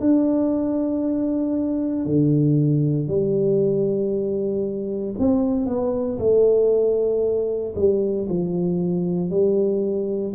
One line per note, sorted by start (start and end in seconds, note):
0.00 2.05 D4
2.05 3.08 D3
3.08 5.15 G3
5.19 5.66 C4
5.66 6.18 B3
6.19 7.74 A3
7.75 8.27 G3
8.29 9.31 F3
9.31 10.34 G3